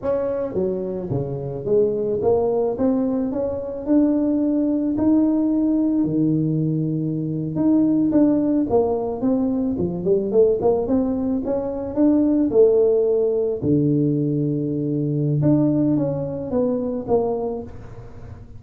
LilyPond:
\new Staff \with { instrumentName = "tuba" } { \time 4/4 \tempo 4 = 109 cis'4 fis4 cis4 gis4 | ais4 c'4 cis'4 d'4~ | d'4 dis'2 dis4~ | dis4.~ dis16 dis'4 d'4 ais16~ |
ais8. c'4 f8 g8 a8 ais8 c'16~ | c'8. cis'4 d'4 a4~ a16~ | a8. d2.~ d16 | d'4 cis'4 b4 ais4 | }